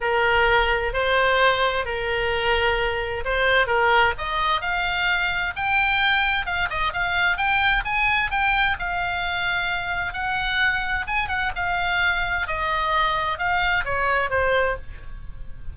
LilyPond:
\new Staff \with { instrumentName = "oboe" } { \time 4/4 \tempo 4 = 130 ais'2 c''2 | ais'2. c''4 | ais'4 dis''4 f''2 | g''2 f''8 dis''8 f''4 |
g''4 gis''4 g''4 f''4~ | f''2 fis''2 | gis''8 fis''8 f''2 dis''4~ | dis''4 f''4 cis''4 c''4 | }